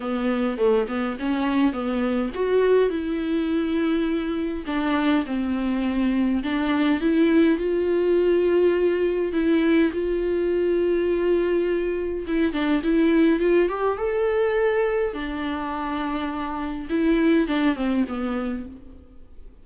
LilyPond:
\new Staff \with { instrumentName = "viola" } { \time 4/4 \tempo 4 = 103 b4 a8 b8 cis'4 b4 | fis'4 e'2. | d'4 c'2 d'4 | e'4 f'2. |
e'4 f'2.~ | f'4 e'8 d'8 e'4 f'8 g'8 | a'2 d'2~ | d'4 e'4 d'8 c'8 b4 | }